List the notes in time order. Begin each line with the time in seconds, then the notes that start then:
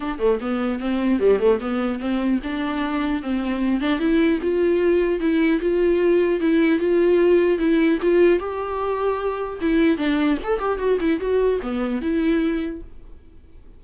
0.00 D4
0.18 A3
0.40 B3
0.79 C4
1.19 G3
1.39 A3
1.60 B3
1.99 C4
2.43 D4
3.22 C4
3.81 D4
3.99 E4
4.42 F4
5.19 E4
5.61 F4
6.40 E4
6.79 F4
7.58 E4
8.01 F4
8.39 G4
9.61 E4
9.97 D4
10.43 A4
10.59 G4
10.78 F#4
11.00 E4
11.20 F#4
11.61 B3
12.01 E4